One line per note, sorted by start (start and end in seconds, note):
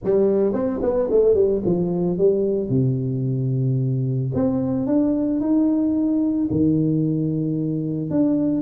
0.04 0.53 G3
0.53 0.80 C4
0.82 1.09 B3
1.11 1.34 A3
1.34 1.61 G3
1.65 2.18 F3
2.18 2.69 G3
2.69 4.31 C3
4.34 4.86 C4
4.86 5.40 D4
5.40 6.48 D#4
6.50 8.10 D#3
8.10 8.61 D4